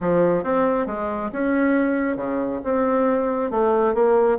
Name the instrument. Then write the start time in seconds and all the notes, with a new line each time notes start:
bassoon
0.00 F3
0.43 C4
0.86 G#3
1.32 C#4
2.16 C#3
2.64 C4
3.50 A3
3.94 A#3